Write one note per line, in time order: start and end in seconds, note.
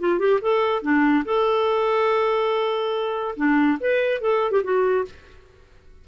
0.00 0.19 F4
0.19 0.40 G4
0.42 0.83 A4
0.83 1.25 D4
1.25 3.35 A4
3.37 3.79 D4
3.81 4.21 B4
4.21 4.52 A4
4.52 4.62 G4
4.64 5.06 F#4